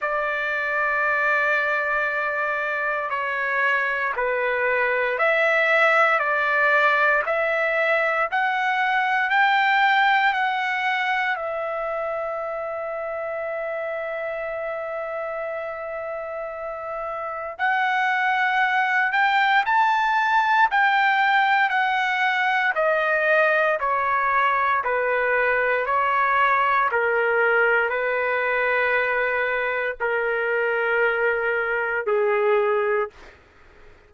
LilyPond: \new Staff \with { instrumentName = "trumpet" } { \time 4/4 \tempo 4 = 58 d''2. cis''4 | b'4 e''4 d''4 e''4 | fis''4 g''4 fis''4 e''4~ | e''1~ |
e''4 fis''4. g''8 a''4 | g''4 fis''4 dis''4 cis''4 | b'4 cis''4 ais'4 b'4~ | b'4 ais'2 gis'4 | }